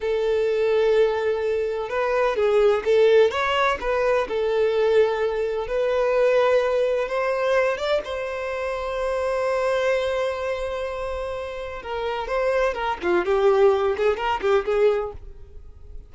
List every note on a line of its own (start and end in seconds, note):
0.00 1.89 A4
1.89 2.35 B4
2.35 2.83 G#4
2.84 3.30 A4
3.30 3.78 C#5
3.80 4.27 B4
4.28 5.67 A4
5.67 7.08 B4
7.08 7.77 C5
7.77 8.01 D5
8.04 11.82 C5
11.82 12.27 A#4
12.27 12.73 C5
12.73 12.97 A#4
13.02 13.25 F4
13.25 13.95 G4
13.97 14.16 G#4
14.16 14.40 A#4
14.41 14.64 G4
14.65 15.12 G#4